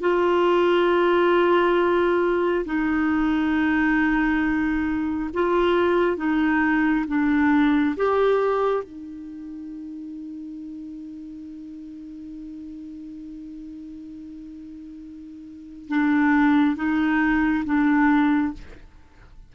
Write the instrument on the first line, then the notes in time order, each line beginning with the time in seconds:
clarinet
0.00 F4
2.65 D#4
5.33 F4
6.16 D#4
7.07 D4
7.96 G4
8.83 D#4
15.88 D4
16.76 D#4
17.65 D4